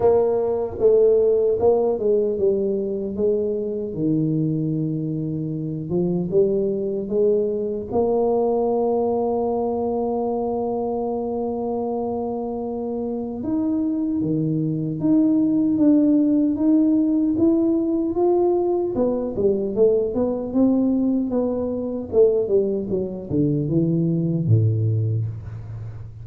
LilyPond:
\new Staff \with { instrumentName = "tuba" } { \time 4/4 \tempo 4 = 76 ais4 a4 ais8 gis8 g4 | gis4 dis2~ dis8 f8 | g4 gis4 ais2~ | ais1~ |
ais4 dis'4 dis4 dis'4 | d'4 dis'4 e'4 f'4 | b8 g8 a8 b8 c'4 b4 | a8 g8 fis8 d8 e4 a,4 | }